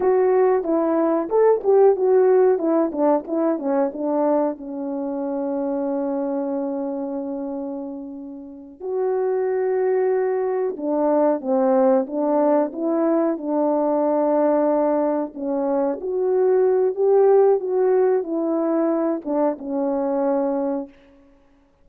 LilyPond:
\new Staff \with { instrumentName = "horn" } { \time 4/4 \tempo 4 = 92 fis'4 e'4 a'8 g'8 fis'4 | e'8 d'8 e'8 cis'8 d'4 cis'4~ | cis'1~ | cis'4. fis'2~ fis'8~ |
fis'8 d'4 c'4 d'4 e'8~ | e'8 d'2. cis'8~ | cis'8 fis'4. g'4 fis'4 | e'4. d'8 cis'2 | }